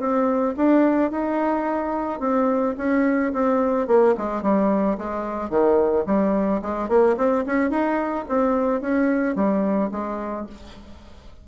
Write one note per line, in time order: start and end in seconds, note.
0.00 0.55 C4
0.57 1.12 D4
1.12 2.20 D#4
2.20 2.75 C4
2.78 3.33 C#4
3.33 3.88 C4
3.88 4.15 A#3
4.18 4.43 G#3
4.43 4.98 G3
4.98 5.50 G#3
5.50 6.05 D#3
6.07 6.62 G3
6.62 6.89 G#3
6.89 7.17 A#3
7.18 7.45 C4
7.47 7.71 C#4
7.71 8.26 D#4
8.29 8.81 C4
8.81 9.36 C#4
9.36 9.91 G3
9.92 10.47 G#3